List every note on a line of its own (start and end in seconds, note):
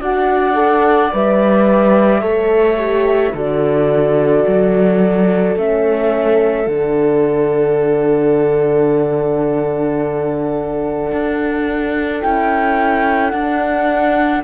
0.00 1.12 D4
0.00 0.54 F#4
0.00 2.21 D5
0.00 1.13 F#5
0.54 1.09 A4
1.12 2.22 G3
1.12 2.21 B4
1.12 3.36 E5
2.21 3.33 A3
2.21 2.76 A4
2.21 3.32 C#5
2.77 3.33 G4
3.33 4.44 D3
3.33 5.56 F#4
3.33 14.44 A4
3.33 5.56 D5
4.47 5.56 F#3
5.56 6.67 A3
5.56 6.68 C#4
5.56 6.67 E5
6.67 11.11 D3
6.67 12.21 D4
6.67 12.21 F#5
11.11 12.22 D4
12.21 13.32 C#4
12.21 13.32 E4
12.21 13.30 G5
13.30 14.43 D4
13.30 14.41 F#5